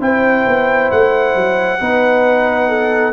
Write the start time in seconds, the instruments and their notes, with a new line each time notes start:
0.00 tuba C4, trombone E4, horn C5, trumpet G5
0.46 tuba B3
0.91 tuba A3, trumpet F#5
1.35 tuba F#3
1.80 tuba B3, trombone D#4, horn B4
2.68 horn A4